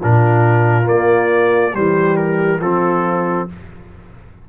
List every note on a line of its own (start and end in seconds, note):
0.00 0.90 A#2
0.00 0.84 D4
0.00 1.74 F4
0.00 0.89 A#4
0.84 1.71 A#3
0.84 1.77 A#3
0.84 1.76 D5
1.74 2.61 E3
1.74 2.61 G3
1.74 2.61 G4
1.74 2.17 C5
2.17 2.61 A#4
2.61 3.48 F3
2.61 3.49 C4
2.61 3.49 F4
2.61 3.49 A4